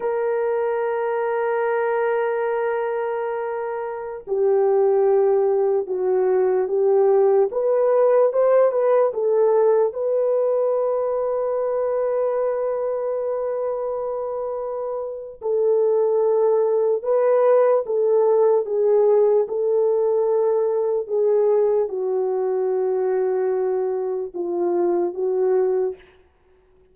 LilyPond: \new Staff \with { instrumentName = "horn" } { \time 4/4 \tempo 4 = 74 ais'1~ | ais'4~ ais'16 g'2 fis'8.~ | fis'16 g'4 b'4 c''8 b'8 a'8.~ | a'16 b'2.~ b'8.~ |
b'2. a'4~ | a'4 b'4 a'4 gis'4 | a'2 gis'4 fis'4~ | fis'2 f'4 fis'4 | }